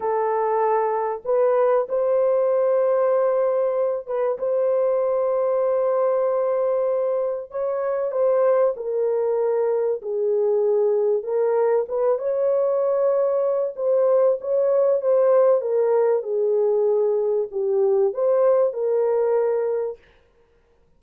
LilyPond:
\new Staff \with { instrumentName = "horn" } { \time 4/4 \tempo 4 = 96 a'2 b'4 c''4~ | c''2~ c''8 b'8 c''4~ | c''1 | cis''4 c''4 ais'2 |
gis'2 ais'4 b'8 cis''8~ | cis''2 c''4 cis''4 | c''4 ais'4 gis'2 | g'4 c''4 ais'2 | }